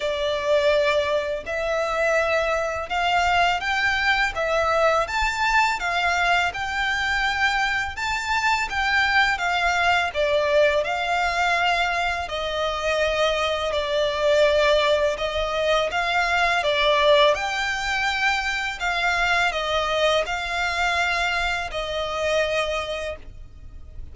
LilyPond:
\new Staff \with { instrumentName = "violin" } { \time 4/4 \tempo 4 = 83 d''2 e''2 | f''4 g''4 e''4 a''4 | f''4 g''2 a''4 | g''4 f''4 d''4 f''4~ |
f''4 dis''2 d''4~ | d''4 dis''4 f''4 d''4 | g''2 f''4 dis''4 | f''2 dis''2 | }